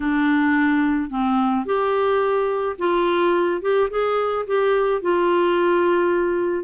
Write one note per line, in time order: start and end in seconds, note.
0.00 1.10 D4
1.10 1.65 C4
1.65 2.76 G4
2.78 3.61 F4
3.61 3.89 G4
3.89 4.45 G#4
4.46 5.02 G4
5.02 6.64 F4